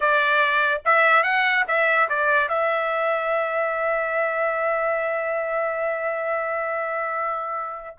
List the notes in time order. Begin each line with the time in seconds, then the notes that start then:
0.00 D5
0.85 E5
1.23 F#5
1.67 E5
2.09 D5
2.48 E5